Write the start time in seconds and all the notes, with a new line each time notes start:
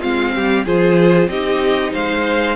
0.00 G#3 C4 F4 F5
0.36 G3 G4
0.65 F3 F4 G#4 C5
1.28 C4 D#4 G4 D#5
1.93 G#3 C5 F5